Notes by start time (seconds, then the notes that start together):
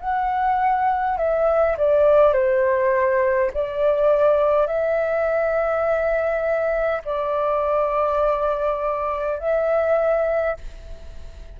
0.00 F#5
1.18 E5
1.77 D5
2.33 C5
3.53 D5
4.66 E5
7.05 D5
9.39 E5